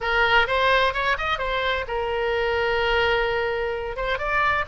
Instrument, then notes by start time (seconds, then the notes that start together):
oboe
0.00 A#4
0.47 C5
0.93 C#5
1.18 D#5
1.38 C5
1.87 A#4
3.96 C5
4.18 D5